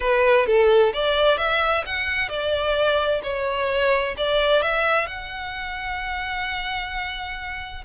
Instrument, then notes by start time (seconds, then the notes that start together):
violin
0.00 B4
0.46 A4
0.93 D5
1.37 E5
1.86 F#5
2.28 D5
3.23 C#5
4.17 D5
4.62 E5
5.06 F#5